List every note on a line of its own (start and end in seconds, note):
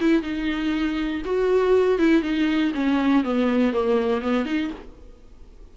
0.00 0.22 E4
0.22 1.22 D#4
1.25 1.98 F#4
1.98 2.22 E4
2.22 2.72 D#4
2.74 3.23 C#4
3.23 3.73 B3
3.73 4.21 A#3
4.21 4.45 B3
4.45 4.70 D#4